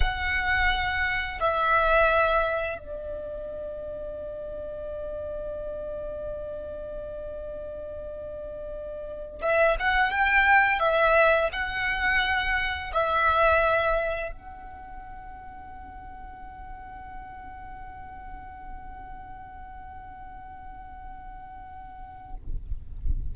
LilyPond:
\new Staff \with { instrumentName = "violin" } { \time 4/4 \tempo 4 = 86 fis''2 e''2 | d''1~ | d''1~ | d''4. e''8 fis''8 g''4 e''8~ |
e''8 fis''2 e''4.~ | e''8 fis''2.~ fis''8~ | fis''1~ | fis''1 | }